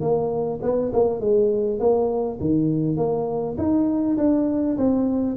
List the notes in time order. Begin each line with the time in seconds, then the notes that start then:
0.00 A#3
0.62 B3
0.93 A#3
1.20 G#3
1.79 A#3
2.40 D#3
2.96 A#3
3.57 D#4
4.17 D4
4.77 C4